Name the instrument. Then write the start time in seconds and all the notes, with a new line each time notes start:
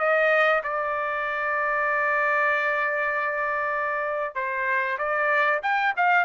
trumpet
0.00 D#5
0.64 D5
4.36 C5
4.99 D5
5.63 G5
5.97 F5